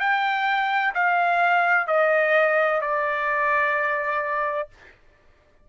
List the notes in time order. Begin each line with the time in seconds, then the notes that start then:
0.00 G5
0.94 F5
1.87 D#5
2.81 D5